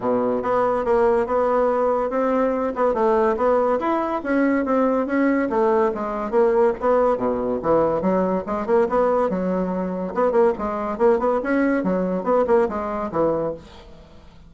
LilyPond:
\new Staff \with { instrumentName = "bassoon" } { \time 4/4 \tempo 4 = 142 b,4 b4 ais4 b4~ | b4 c'4. b8 a4 | b4 e'4 cis'4 c'4 | cis'4 a4 gis4 ais4 |
b4 b,4 e4 fis4 | gis8 ais8 b4 fis2 | b8 ais8 gis4 ais8 b8 cis'4 | fis4 b8 ais8 gis4 e4 | }